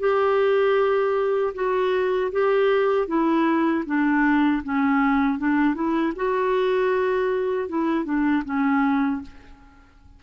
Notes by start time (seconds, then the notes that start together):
0.00 G4
1.55 F#4
2.33 G4
3.08 E4
3.86 D4
4.64 C#4
5.39 D4
5.75 E4
6.16 F#4
7.69 E4
8.05 D4
8.45 C#4